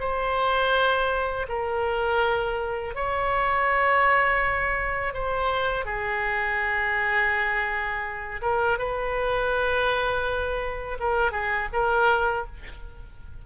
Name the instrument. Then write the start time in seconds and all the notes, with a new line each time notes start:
oboe
0.00 C5
1.49 A#4
2.95 C#5
5.14 C5
5.85 G#4
8.42 A#4
8.78 B4
11.00 A#4
11.32 G#4
11.73 A#4